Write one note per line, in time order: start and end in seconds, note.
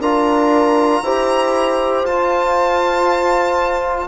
0.00 1.02 D4
0.00 1.04 F4
0.00 1.02 A#4
0.00 2.06 A#5
1.03 2.03 E4
1.03 2.08 G4
1.03 4.08 C5
2.03 4.07 F4
2.03 4.08 F4
2.03 4.08 A5